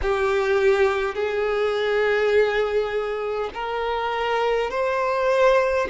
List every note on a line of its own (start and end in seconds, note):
0.02 1.14 G4
1.14 3.50 G#4
3.53 4.70 A#4
4.70 5.88 C5